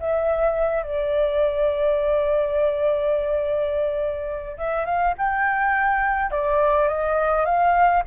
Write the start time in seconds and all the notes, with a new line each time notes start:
0.00 E5
0.83 D5
4.58 E5
4.86 F5
5.18 G5
6.31 D5
6.88 D#5
7.46 F5